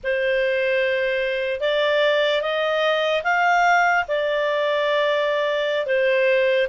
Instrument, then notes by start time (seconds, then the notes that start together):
clarinet
0.03 C5
1.60 D5
2.41 D#5
3.23 F5
4.08 D5
5.86 C5